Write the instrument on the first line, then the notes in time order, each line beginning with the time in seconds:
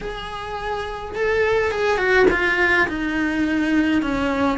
cello
0.00 G#4
1.15 A4
1.71 G#4
1.97 F#4
2.30 F4
2.88 D#4
4.02 C#4